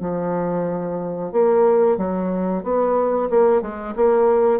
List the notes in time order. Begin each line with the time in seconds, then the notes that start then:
0.00 F3
1.32 A#3
1.98 F#3
2.63 B3
3.30 A#3
3.61 G#3
3.95 A#3